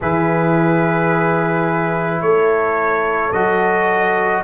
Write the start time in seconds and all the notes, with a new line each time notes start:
0.00 E3 E4 G#4 B4
2.21 A3 A4 C#5
3.31 F#3 F#4 D#5